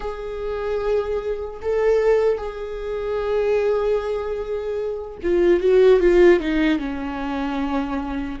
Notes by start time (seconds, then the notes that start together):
0.00 G#4
1.62 A4
2.37 G#4
5.23 F4
5.60 F#4
6.00 F4
6.40 D#4
6.79 C#4